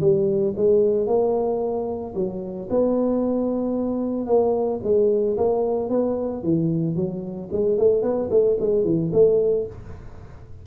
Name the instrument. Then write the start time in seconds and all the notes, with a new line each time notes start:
tuba
0.00 G3
0.56 G#3
1.06 A#3
2.14 F#3
2.70 B3
4.26 A#3
4.83 G#3
5.37 A#3
5.89 B3
6.43 E3
6.95 F#3
7.52 G#3
7.78 A3
8.02 B3
8.30 A3
8.60 G#3
8.84 E3
9.12 A3